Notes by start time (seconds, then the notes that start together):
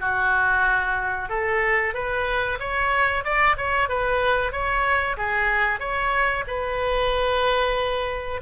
0.00 F#4
1.29 A4
1.94 B4
2.60 C#5
3.24 D5
3.57 C#5
3.89 B4
4.52 C#5
5.17 G#4
5.79 C#5
6.47 B4